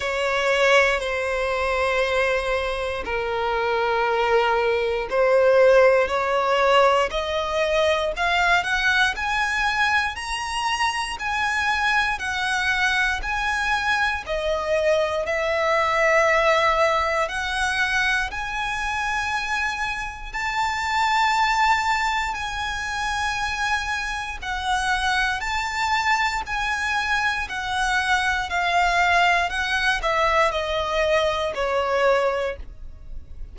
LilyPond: \new Staff \with { instrumentName = "violin" } { \time 4/4 \tempo 4 = 59 cis''4 c''2 ais'4~ | ais'4 c''4 cis''4 dis''4 | f''8 fis''8 gis''4 ais''4 gis''4 | fis''4 gis''4 dis''4 e''4~ |
e''4 fis''4 gis''2 | a''2 gis''2 | fis''4 a''4 gis''4 fis''4 | f''4 fis''8 e''8 dis''4 cis''4 | }